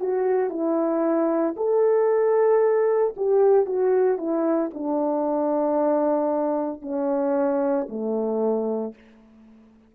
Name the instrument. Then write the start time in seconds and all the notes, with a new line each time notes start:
horn
0.00 F#4
0.50 E4
1.57 A4
3.17 G4
3.67 F#4
4.18 E4
4.74 D4
6.82 C#4
7.89 A3